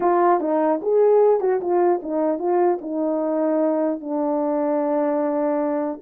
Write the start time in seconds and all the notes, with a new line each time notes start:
0.00 F4
0.40 D#4
0.81 G#4
1.40 F#4
1.60 F4
2.02 D#4
2.38 F4
2.81 D#4
4.00 D4